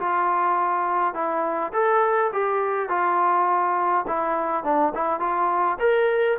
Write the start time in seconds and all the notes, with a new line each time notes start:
0.00 F4
1.15 E4
1.74 A4
2.33 G4
2.90 F4
4.08 E4
4.64 D4
4.95 E4
5.20 F4
5.80 A#4